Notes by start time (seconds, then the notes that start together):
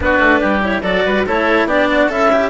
0.00 B3 D4 F#4 B4
0.19 A3
0.40 G3 G4
0.61 E4 C#5
0.82 F#3 F#4 A4 D5
1.05 G3 B4
1.26 A3 E4 A4 C#5
1.64 B3 D4 G4 D5
1.90 F#4
2.08 C#4 E4 A4 E5
2.32 G4